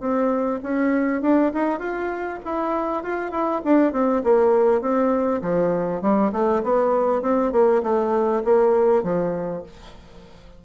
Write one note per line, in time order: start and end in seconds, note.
0.00 0.60 C4
0.63 1.22 C#4
1.22 1.52 D4
1.54 1.79 D#4
1.79 2.39 F4
2.45 3.04 E4
3.04 3.31 F4
3.31 3.61 E4
3.65 3.92 D4
3.92 4.22 C4
4.24 4.81 A#3
4.81 5.41 C4
5.42 6.02 F3
6.02 6.32 G3
6.32 6.62 A3
6.63 7.22 B3
7.22 7.52 C4
7.52 7.82 A#3
7.83 8.43 A3
8.44 9.04 A#3
9.04 9.64 F3